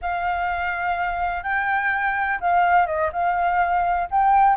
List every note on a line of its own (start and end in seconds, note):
0.01 1.43 F5
1.43 2.39 G5
2.40 2.86 F5
2.86 3.10 D#5
3.12 4.08 F5
4.10 4.56 G5